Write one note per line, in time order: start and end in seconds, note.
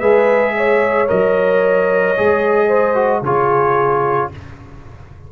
0.00 1.09 G#3
0.00 1.08 G#4
0.00 0.54 B4
0.00 1.08 E5
0.57 2.68 C#5
1.08 2.19 F#3
1.08 2.15 A#4
1.08 3.24 D#5
2.17 3.22 G#3
2.17 2.95 G#4
2.68 3.22 C5
2.95 3.22 F#4
3.22 4.29 C#3
3.22 4.32 F4
3.22 4.31 G#4
3.22 4.32 C#5